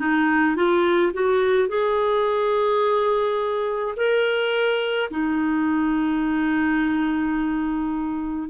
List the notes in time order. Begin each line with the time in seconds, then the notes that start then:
0.00 D#4
0.57 F4
1.14 F#4
1.69 G#4
3.97 A#4
5.11 D#4